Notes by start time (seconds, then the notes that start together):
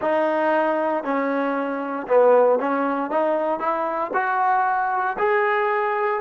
0.01 D#4
1.03 C#4
2.07 B3
2.59 C#4
3.10 D#4
3.59 E4
4.13 F#4
5.18 G#4